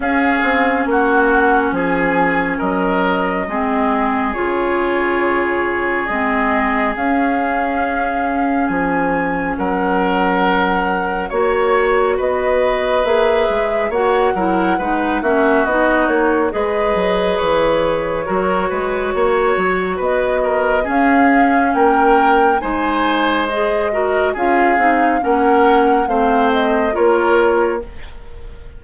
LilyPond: <<
  \new Staff \with { instrumentName = "flute" } { \time 4/4 \tempo 4 = 69 f''4 fis''4 gis''4 dis''4~ | dis''4 cis''2 dis''4 | f''2 gis''4 fis''4~ | fis''4 cis''4 dis''4 e''4 |
fis''4. e''8 dis''8 cis''8 dis''4 | cis''2. dis''4 | f''4 g''4 gis''4 dis''4 | f''4 fis''4 f''8 dis''8 cis''4 | }
  \new Staff \with { instrumentName = "oboe" } { \time 4/4 gis'4 fis'4 gis'4 ais'4 | gis'1~ | gis'2. ais'4~ | ais'4 cis''4 b'2 |
cis''8 ais'8 b'8 fis'4. b'4~ | b'4 ais'8 b'8 cis''4 b'8 ais'8 | gis'4 ais'4 c''4. ais'8 | gis'4 ais'4 c''4 ais'4 | }
  \new Staff \with { instrumentName = "clarinet" } { \time 4/4 cis'1 | c'4 f'2 c'4 | cis'1~ | cis'4 fis'2 gis'4 |
fis'8 e'8 dis'8 cis'8 dis'4 gis'4~ | gis'4 fis'2. | cis'2 dis'4 gis'8 fis'8 | f'8 dis'8 cis'4 c'4 f'4 | }
  \new Staff \with { instrumentName = "bassoon" } { \time 4/4 cis'8 c'8 ais4 f4 fis4 | gis4 cis2 gis4 | cis'2 f4 fis4~ | fis4 ais4 b4 ais8 gis8 |
ais8 fis8 gis8 ais8 b8 ais8 gis8 fis8 | e4 fis8 gis8 ais8 fis8 b4 | cis'4 ais4 gis2 | cis'8 c'8 ais4 a4 ais4 | }
>>